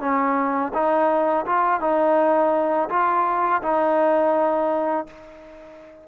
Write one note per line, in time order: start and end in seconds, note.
0.00 0.72 C#4
0.73 1.46 D#4
1.46 1.81 F4
1.81 2.89 D#4
2.89 3.62 F4
3.62 5.07 D#4